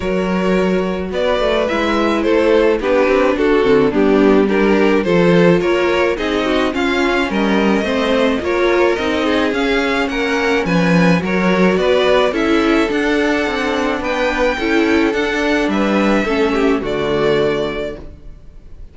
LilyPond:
<<
  \new Staff \with { instrumentName = "violin" } { \time 4/4 \tempo 4 = 107 cis''2 d''4 e''4 | c''4 b'4 a'4 g'4 | ais'4 c''4 cis''4 dis''4 | f''4 dis''2 cis''4 |
dis''4 f''4 fis''4 gis''4 | cis''4 d''4 e''4 fis''4~ | fis''4 g''2 fis''4 | e''2 d''2 | }
  \new Staff \with { instrumentName = "violin" } { \time 4/4 ais'2 b'2 | a'4 g'4 fis'4 d'4 | g'4 a'4 ais'4 gis'8 fis'8 | f'4 ais'4 c''4 ais'4~ |
ais'8 gis'4. ais'4 b'4 | ais'4 b'4 a'2~ | a'4 b'4 a'2 | b'4 a'8 g'8 fis'2 | }
  \new Staff \with { instrumentName = "viola" } { \time 4/4 fis'2. e'4~ | e'4 d'4. c'8 b4 | d'4 f'2 dis'4 | cis'2 c'4 f'4 |
dis'4 cis'2. | fis'2 e'4 d'4~ | d'2 e'4 d'4~ | d'4 cis'4 a2 | }
  \new Staff \with { instrumentName = "cello" } { \time 4/4 fis2 b8 a8 gis4 | a4 b8 c'8 d'8 d8 g4~ | g4 f4 ais4 c'4 | cis'4 g4 a4 ais4 |
c'4 cis'4 ais4 f4 | fis4 b4 cis'4 d'4 | c'4 b4 cis'4 d'4 | g4 a4 d2 | }
>>